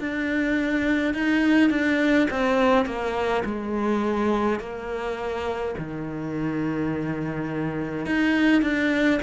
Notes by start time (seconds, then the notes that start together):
0.00 D4
1.14 D#4
1.70 D4
2.31 C4
2.86 A#3
3.45 G#3
4.60 A#3
5.78 D#3
8.06 D#4
8.62 D4